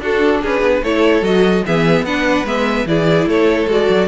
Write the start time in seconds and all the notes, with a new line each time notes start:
0.00 D4 F#4 A4
0.41 C#4 G#4 B4
0.61 B3
0.82 A3 E4 A4 C#5
1.22 F#3 F#4 D#5
1.66 E3 B3 G#4 E5
2.02 B3 D4 B4 F#5
2.44 G#3 B3 E5
2.85 E3 E4 G#4 D5
3.26 A3 A4 C#5
3.67 G#3 F#4 D5
3.89 F#3